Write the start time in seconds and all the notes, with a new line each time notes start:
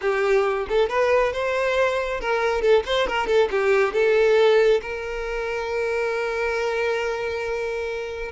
0.01 G4
0.68 A4
0.89 B4
1.33 C5
2.20 A#4
2.61 A4
2.85 C5
3.07 A#4
3.26 A4
3.50 G4
3.93 A4
4.81 A#4